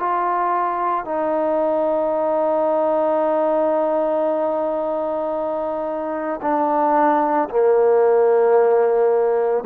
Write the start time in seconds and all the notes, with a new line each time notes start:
0.00 F4
1.05 D#4
6.42 D4
7.50 A#3